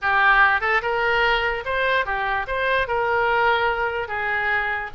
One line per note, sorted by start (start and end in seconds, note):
0.01 0.61 G4
0.61 0.81 A4
0.81 1.64 A#4
1.65 2.05 C5
2.05 2.46 G4
2.47 2.87 C5
2.87 4.08 A#4
4.08 4.90 G#4